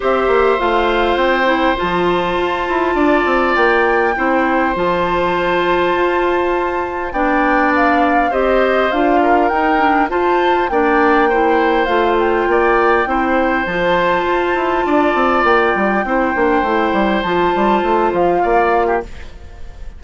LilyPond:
<<
  \new Staff \with { instrumentName = "flute" } { \time 4/4 \tempo 4 = 101 e''4 f''4 g''4 a''4~ | a''2 g''2 | a''1 | g''4 f''4 dis''4 f''4 |
g''4 a''4 g''2 | f''8 g''2~ g''8 a''4~ | a''2 g''2~ | g''4 a''4. f''4. | }
  \new Staff \with { instrumentName = "oboe" } { \time 4/4 c''1~ | c''4 d''2 c''4~ | c''1 | d''2 c''4. ais'8~ |
ais'4 c''4 d''4 c''4~ | c''4 d''4 c''2~ | c''4 d''2 c''4~ | c''2. d''8. g'16 | }
  \new Staff \with { instrumentName = "clarinet" } { \time 4/4 g'4 f'4. e'8 f'4~ | f'2. e'4 | f'1 | d'2 g'4 f'4 |
dis'8 d'8 f'4 d'4 e'4 | f'2 e'4 f'4~ | f'2. e'8 d'8 | e'4 f'2. | }
  \new Staff \with { instrumentName = "bassoon" } { \time 4/4 c'8 ais8 a4 c'4 f4 | f'8 e'8 d'8 c'8 ais4 c'4 | f2 f'2 | b2 c'4 d'4 |
dis'4 f'4 ais2 | a4 ais4 c'4 f4 | f'8 e'8 d'8 c'8 ais8 g8 c'8 ais8 | a8 g8 f8 g8 a8 f8 ais4 | }
>>